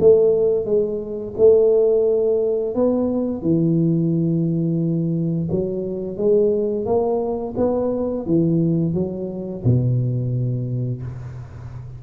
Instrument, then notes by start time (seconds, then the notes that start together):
tuba
0.00 A3
0.65 G#3
1.38 A3
2.75 B3
3.42 E3
5.51 F#3
6.17 G#3
6.86 A#3
7.57 B3
8.26 E3
8.94 F#3
9.64 B2